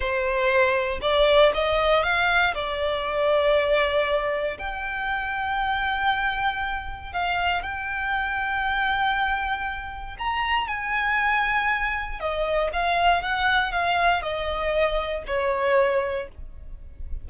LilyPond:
\new Staff \with { instrumentName = "violin" } { \time 4/4 \tempo 4 = 118 c''2 d''4 dis''4 | f''4 d''2.~ | d''4 g''2.~ | g''2 f''4 g''4~ |
g''1 | ais''4 gis''2. | dis''4 f''4 fis''4 f''4 | dis''2 cis''2 | }